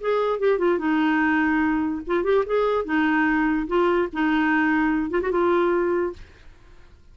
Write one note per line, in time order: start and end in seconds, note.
0.00 0.39 G#4
0.39 0.58 G4
0.58 0.78 F4
0.78 2.01 D#4
2.06 2.23 F4
2.23 2.44 G4
2.46 2.84 G#4
2.84 3.66 D#4
3.67 4.08 F4
4.13 5.10 D#4
5.10 5.21 F4
5.21 5.31 F#4
5.31 6.13 F4